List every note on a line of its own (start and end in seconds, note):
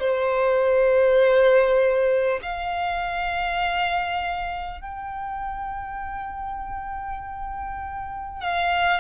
0.00 2.40 C5
2.42 4.81 F5
4.81 8.41 G5
8.41 9.01 F5